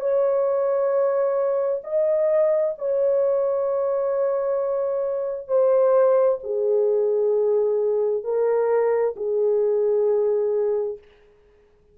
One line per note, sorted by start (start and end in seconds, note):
0.00 1.82 C#5
1.83 2.74 D#5
2.78 5.48 C#5
5.48 6.38 C5
6.43 8.24 G#4
8.24 9.14 A#4
9.16 10.98 G#4